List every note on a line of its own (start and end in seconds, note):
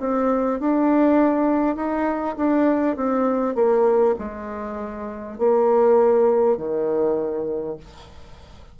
0.00 0.60 C4
0.61 1.76 D4
1.76 2.36 D#4
2.37 2.97 D4
2.97 3.55 C4
3.55 4.15 A#3
4.19 5.38 G#3
5.38 6.57 A#3
6.57 7.77 D#3